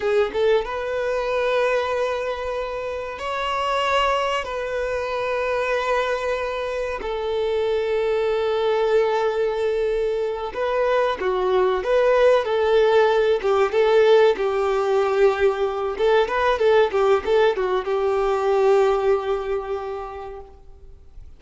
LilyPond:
\new Staff \with { instrumentName = "violin" } { \time 4/4 \tempo 4 = 94 gis'8 a'8 b'2.~ | b'4 cis''2 b'4~ | b'2. a'4~ | a'1~ |
a'8 b'4 fis'4 b'4 a'8~ | a'4 g'8 a'4 g'4.~ | g'4 a'8 b'8 a'8 g'8 a'8 fis'8 | g'1 | }